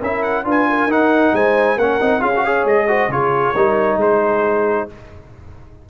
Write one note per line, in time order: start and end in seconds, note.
0.00 0.44 C#4
0.00 0.44 E4
0.00 0.44 A#4
0.00 0.22 E5
0.22 0.44 F#5
0.44 0.86 D4
0.44 0.88 F4
0.44 0.68 B4
0.50 0.91 G#5
0.69 1.34 A#4
0.86 1.31 D#4
0.86 1.78 D#4
0.86 1.35 F#5
1.33 1.77 G#3
1.33 1.78 C5
1.33 1.78 G#5
1.77 1.99 A#3
1.77 2.00 C#4
1.77 2.21 A#4
1.77 2.21 F#5
2.00 2.22 C4
2.00 2.20 D#4
2.20 2.65 C#4
2.20 2.31 F4
2.20 2.42 G#4
2.20 2.65 F5
2.35 2.45 F#4
2.42 2.87 G#4
2.42 2.86 C#5
2.65 3.08 G#3
2.65 3.11 D#5
2.87 3.09 F#4
2.87 3.10 C5
3.08 3.52 C#3
3.08 3.55 F4
3.08 3.55 G#4
3.08 3.99 C#5
3.54 3.96 G3
3.54 4.89 D#4
3.54 3.98 A#4
3.96 4.84 G#3
3.96 4.86 G#4
3.96 4.89 C5